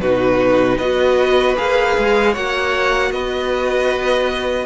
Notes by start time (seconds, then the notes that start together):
0.00 B2 D#4 F#4 B4
0.76 B3 F#4 B4 D#5
1.56 A#3 G#4 F5
1.97 G#3
2.32 A#3 F#4 C#5 F#5
3.11 B3 B4 D#5